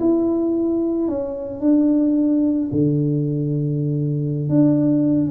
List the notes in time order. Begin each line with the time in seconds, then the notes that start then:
0.00 E4
1.09 C#4
1.61 D4
2.72 D3
4.50 D4